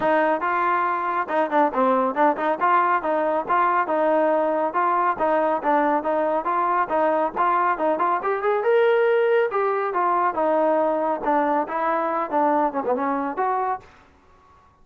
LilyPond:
\new Staff \with { instrumentName = "trombone" } { \time 4/4 \tempo 4 = 139 dis'4 f'2 dis'8 d'8 | c'4 d'8 dis'8 f'4 dis'4 | f'4 dis'2 f'4 | dis'4 d'4 dis'4 f'4 |
dis'4 f'4 dis'8 f'8 g'8 gis'8 | ais'2 g'4 f'4 | dis'2 d'4 e'4~ | e'8 d'4 cis'16 b16 cis'4 fis'4 | }